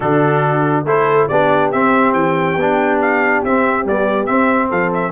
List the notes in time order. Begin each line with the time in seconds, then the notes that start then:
0.00 D3 D4 F#4 A4
0.84 A3 E4 A4 C5
1.28 B3 D4 G4 D5
1.71 C4 E5
2.13 E3 G5
2.55 B3 D4
3.01 F5
3.43 C4 E5
3.84 G3 B3 D5
4.26 C4 E5
4.69 F3 A4 F5
4.93 E5